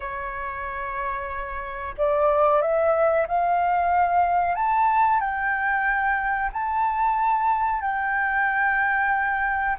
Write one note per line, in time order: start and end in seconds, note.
0.00 1.94 C#5
1.97 2.61 D5
2.61 3.26 E5
3.27 4.55 F5
4.55 5.20 A5
5.20 6.50 G5
6.52 7.81 A5
7.81 9.76 G5